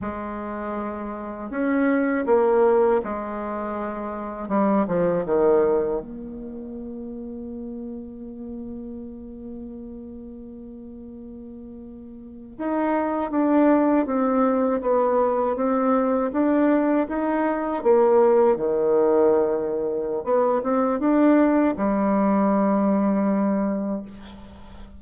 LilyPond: \new Staff \with { instrumentName = "bassoon" } { \time 4/4 \tempo 4 = 80 gis2 cis'4 ais4 | gis2 g8 f8 dis4 | ais1~ | ais1~ |
ais8. dis'4 d'4 c'4 b16~ | b8. c'4 d'4 dis'4 ais16~ | ais8. dis2~ dis16 b8 c'8 | d'4 g2. | }